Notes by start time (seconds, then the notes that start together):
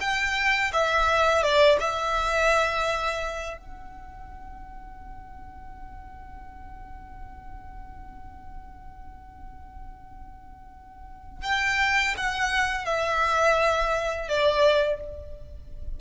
0.00 G5
0.73 E5
1.43 D5
1.80 E5
3.57 F#5
11.43 G5
12.17 F#5
12.85 E5
14.28 D5